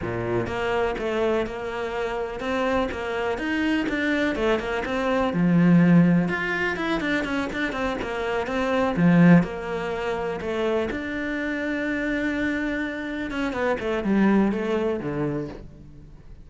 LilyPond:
\new Staff \with { instrumentName = "cello" } { \time 4/4 \tempo 4 = 124 ais,4 ais4 a4 ais4~ | ais4 c'4 ais4 dis'4 | d'4 a8 ais8 c'4 f4~ | f4 f'4 e'8 d'8 cis'8 d'8 |
c'8 ais4 c'4 f4 ais8~ | ais4. a4 d'4.~ | d'2.~ d'8 cis'8 | b8 a8 g4 a4 d4 | }